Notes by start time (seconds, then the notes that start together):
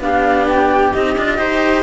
0.00 B3 D4 G4 F5
0.48 G5
0.93 C4 D#4 D#5
1.16 D4 F4
1.37 D#4 G4 C5